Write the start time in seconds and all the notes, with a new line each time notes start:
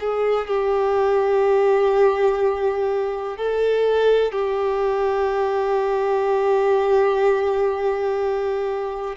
0.00 G#4
0.48 G4
3.37 A4
4.32 G4